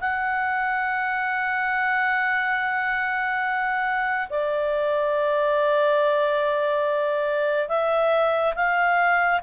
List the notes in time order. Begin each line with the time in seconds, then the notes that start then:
0.00 F#5
4.30 D5
7.69 E5
8.55 F5